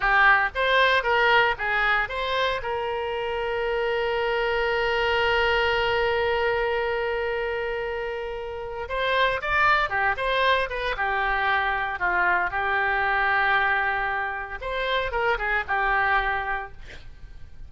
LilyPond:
\new Staff \with { instrumentName = "oboe" } { \time 4/4 \tempo 4 = 115 g'4 c''4 ais'4 gis'4 | c''4 ais'2.~ | ais'1~ | ais'1~ |
ais'4 c''4 d''4 g'8 c''8~ | c''8 b'8 g'2 f'4 | g'1 | c''4 ais'8 gis'8 g'2 | }